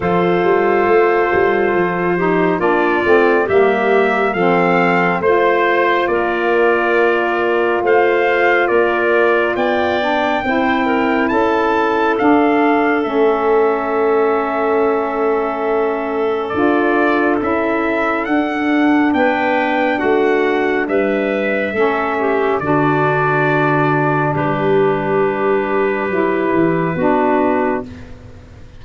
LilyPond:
<<
  \new Staff \with { instrumentName = "trumpet" } { \time 4/4 \tempo 4 = 69 c''2. d''4 | e''4 f''4 c''4 d''4~ | d''4 f''4 d''4 g''4~ | g''4 a''4 f''4 e''4~ |
e''2. d''4 | e''4 fis''4 g''4 fis''4 | e''2 d''2 | b'1 | }
  \new Staff \with { instrumentName = "clarinet" } { \time 4/4 a'2~ a'8 g'8 f'4 | g'4 a'4 c''4 ais'4~ | ais'4 c''4 ais'4 d''4 | c''8 ais'8 a'2.~ |
a'1~ | a'2 b'4 fis'4 | b'4 a'8 g'8 fis'2 | g'2. fis'4 | }
  \new Staff \with { instrumentName = "saxophone" } { \time 4/4 f'2~ f'8 dis'8 d'8 c'8 | ais4 c'4 f'2~ | f'2.~ f'8 d'8 | e'2 d'4 cis'4~ |
cis'2. f'4 | e'4 d'2.~ | d'4 cis'4 d'2~ | d'2 e'4 d'4 | }
  \new Staff \with { instrumentName = "tuba" } { \time 4/4 f8 g8 a8 g8 f4 ais8 a8 | g4 f4 a4 ais4~ | ais4 a4 ais4 b4 | c'4 cis'4 d'4 a4~ |
a2. d'4 | cis'4 d'4 b4 a4 | g4 a4 d2 | g2 fis8 e8 b4 | }
>>